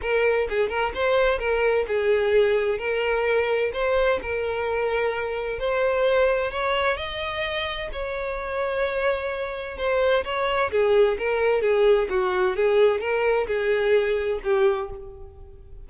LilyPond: \new Staff \with { instrumentName = "violin" } { \time 4/4 \tempo 4 = 129 ais'4 gis'8 ais'8 c''4 ais'4 | gis'2 ais'2 | c''4 ais'2. | c''2 cis''4 dis''4~ |
dis''4 cis''2.~ | cis''4 c''4 cis''4 gis'4 | ais'4 gis'4 fis'4 gis'4 | ais'4 gis'2 g'4 | }